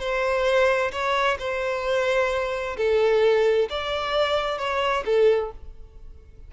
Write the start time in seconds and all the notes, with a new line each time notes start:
0.00 C5
0.92 C#5
1.39 C5
2.77 A4
3.70 D5
4.58 C#5
5.06 A4